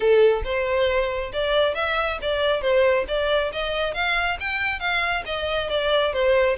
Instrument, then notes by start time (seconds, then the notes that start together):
violin
0.00 A4
0.44 C5
1.33 D5
1.74 E5
2.21 D5
2.61 C5
3.08 D5
3.52 D#5
3.93 F5
4.40 G5
4.79 F5
5.25 D#5
5.69 D5
6.13 C5